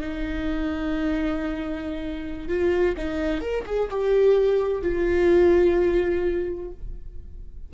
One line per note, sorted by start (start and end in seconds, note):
0.00 2.48 D#4
2.48 2.95 F4
2.97 3.41 D#4
3.41 3.65 A#4
3.66 3.89 G#4
3.90 4.82 G4
4.82 6.71 F4